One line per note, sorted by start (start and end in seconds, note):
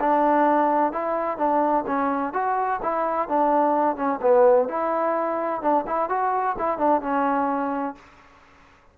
0.00 0.92 D4
0.92 1.38 E4
1.38 1.85 D4
1.87 2.33 C#4
2.33 2.80 F#4
2.82 3.29 E4
3.29 3.96 D4
3.96 4.20 C#4
4.22 4.68 B3
4.68 5.62 E4
5.62 5.85 D4
5.87 6.09 E4
6.09 6.56 F#4
6.58 6.78 E4
6.78 7.01 D4
7.01 7.95 C#4